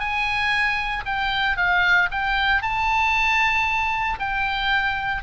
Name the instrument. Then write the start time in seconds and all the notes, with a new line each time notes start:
oboe
0.00 G#5
1.06 G5
1.57 F5
2.12 G5
2.62 A5
4.20 G5